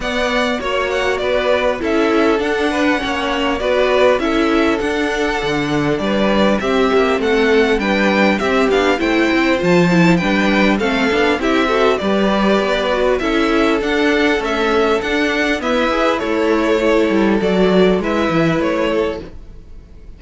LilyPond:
<<
  \new Staff \with { instrumentName = "violin" } { \time 4/4 \tempo 4 = 100 fis''4 cis''8 fis''8 d''4 e''4 | fis''2 d''4 e''4 | fis''2 d''4 e''4 | fis''4 g''4 e''8 f''8 g''4 |
a''4 g''4 f''4 e''4 | d''2 e''4 fis''4 | e''4 fis''4 e''4 cis''4~ | cis''4 d''4 e''4 cis''4 | }
  \new Staff \with { instrumentName = "violin" } { \time 4/4 d''4 cis''4 b'4 a'4~ | a'8 b'8 cis''4 b'4 a'4~ | a'2 b'4 g'4 | a'4 b'4 g'4 c''4~ |
c''4 b'4 a'4 g'8 a'8 | b'2 a'2~ | a'2 b'4 e'4 | a'2 b'4. a'8 | }
  \new Staff \with { instrumentName = "viola" } { \time 4/4 b4 fis'2 e'4 | d'4 cis'4 fis'4 e'4 | d'2. c'4~ | c'4 d'4 c'8 d'8 e'4 |
f'8 e'8 d'4 c'8 d'8 e'8 fis'8 | g'4. fis'8 e'4 d'4 | a4 d'4 b8 gis'8 a'4 | e'4 fis'4 e'2 | }
  \new Staff \with { instrumentName = "cello" } { \time 4/4 b4 ais4 b4 cis'4 | d'4 ais4 b4 cis'4 | d'4 d4 g4 c'8 ais8 | a4 g4 c'8 b8 a8 c'8 |
f4 g4 a8 b8 c'4 | g4 b4 cis'4 d'4 | cis'4 d'4 e'4 a4~ | a8 g8 fis4 gis8 e8 a4 | }
>>